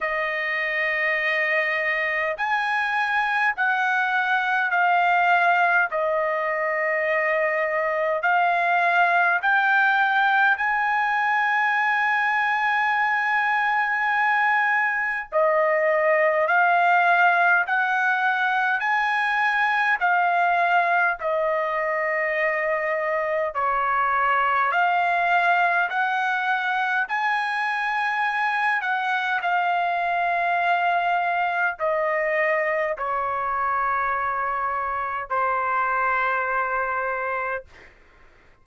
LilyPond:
\new Staff \with { instrumentName = "trumpet" } { \time 4/4 \tempo 4 = 51 dis''2 gis''4 fis''4 | f''4 dis''2 f''4 | g''4 gis''2.~ | gis''4 dis''4 f''4 fis''4 |
gis''4 f''4 dis''2 | cis''4 f''4 fis''4 gis''4~ | gis''8 fis''8 f''2 dis''4 | cis''2 c''2 | }